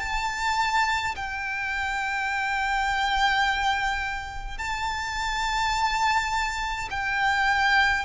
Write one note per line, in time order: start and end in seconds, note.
0.00 1.15 A5
1.16 4.58 G5
4.58 6.89 A5
6.91 8.06 G5